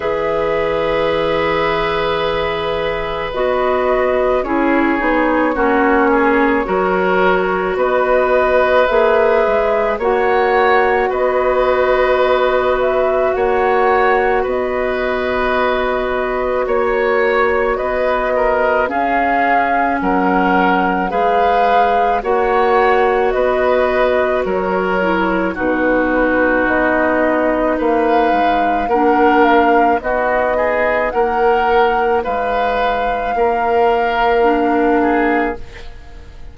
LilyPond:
<<
  \new Staff \with { instrumentName = "flute" } { \time 4/4 \tempo 4 = 54 e''2. dis''4 | cis''2. dis''4 | e''4 fis''4 dis''4. e''8 | fis''4 dis''2 cis''4 |
dis''4 f''4 fis''4 f''4 | fis''4 dis''4 cis''4 b'4 | dis''4 f''4 fis''8 f''8 dis''4 | fis''4 f''2. | }
  \new Staff \with { instrumentName = "oboe" } { \time 4/4 b'1 | gis'4 fis'8 gis'8 ais'4 b'4~ | b'4 cis''4 b'2 | cis''4 b'2 cis''4 |
b'8 ais'8 gis'4 ais'4 b'4 | cis''4 b'4 ais'4 fis'4~ | fis'4 b'4 ais'4 fis'8 gis'8 | ais'4 b'4 ais'4. gis'8 | }
  \new Staff \with { instrumentName = "clarinet" } { \time 4/4 gis'2. fis'4 | e'8 dis'8 cis'4 fis'2 | gis'4 fis'2.~ | fis'1~ |
fis'4 cis'2 gis'4 | fis'2~ fis'8 e'8 dis'4~ | dis'2 d'4 dis'4~ | dis'2. d'4 | }
  \new Staff \with { instrumentName = "bassoon" } { \time 4/4 e2. b4 | cis'8 b8 ais4 fis4 b4 | ais8 gis8 ais4 b2 | ais4 b2 ais4 |
b4 cis'4 fis4 gis4 | ais4 b4 fis4 b,4 | b4 ais8 gis8 ais4 b4 | ais4 gis4 ais2 | }
>>